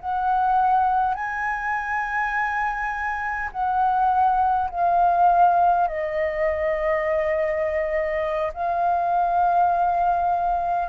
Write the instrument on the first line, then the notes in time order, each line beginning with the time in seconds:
flute
0.00 F#5
1.14 G#5
3.52 F#5
4.70 F5
5.88 D#5
8.53 F5